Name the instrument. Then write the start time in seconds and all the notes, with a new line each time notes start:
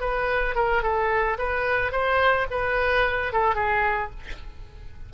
oboe
0.00 B4
0.55 A#4
0.82 A4
1.38 B4
1.91 C5
2.50 B4
3.32 A4
3.55 G#4